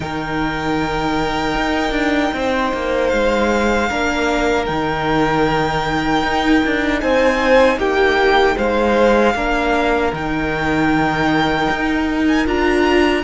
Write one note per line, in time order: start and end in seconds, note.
0.00 1.54 D#3
0.00 3.89 D#4
0.00 2.35 A#4
0.00 3.08 G5
1.54 1.90 D#4
1.90 2.29 D4
2.33 2.72 C4
2.33 3.89 C5
2.73 3.12 A#3
3.08 3.90 G#3
3.08 4.64 F5
3.89 4.68 A#3
3.89 4.67 D4
3.89 7.01 A#4
4.65 6.22 D#3
4.65 9.34 D#4
4.65 6.99 G5
6.22 6.61 D#4
6.65 7.02 D4
7.00 7.77 C4
7.00 7.78 C5
7.00 7.78 G#5
7.77 8.55 A#3
7.77 8.56 G4
7.77 8.57 G5
8.56 9.34 G#3
8.56 9.34 C5
8.56 10.14 F5
9.34 10.12 A#3
9.34 10.13 D4
9.34 13.24 A#4
10.12 11.68 D#3
10.12 12.45 D#4
10.12 12.27 G5
11.70 12.46 D#4
12.27 12.46 G#5
12.45 13.24 D4
12.45 13.23 F4
12.45 13.24 A#5